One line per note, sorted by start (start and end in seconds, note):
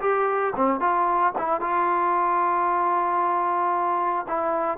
0.00 0.53 G4
0.56 0.80 C4
0.80 1.33 F4
1.38 1.60 E4
1.60 4.26 F4
4.27 4.77 E4